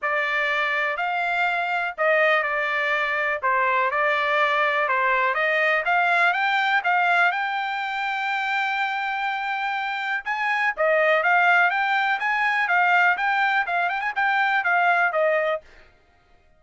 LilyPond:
\new Staff \with { instrumentName = "trumpet" } { \time 4/4 \tempo 4 = 123 d''2 f''2 | dis''4 d''2 c''4 | d''2 c''4 dis''4 | f''4 g''4 f''4 g''4~ |
g''1~ | g''4 gis''4 dis''4 f''4 | g''4 gis''4 f''4 g''4 | f''8 g''16 gis''16 g''4 f''4 dis''4 | }